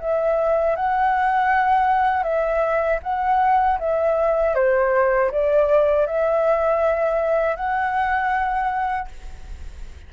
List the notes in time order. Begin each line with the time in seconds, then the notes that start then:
0.00 E5
0.76 F#5
2.24 E5
3.03 F#5
3.79 E5
4.55 C5
5.32 D5
6.07 E5
7.56 F#5